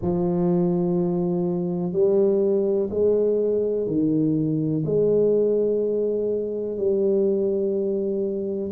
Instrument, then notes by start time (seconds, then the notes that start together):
tuba
0.01 F3
1.92 G3
2.90 G#3
3.86 D#3
4.85 G#3
6.77 G3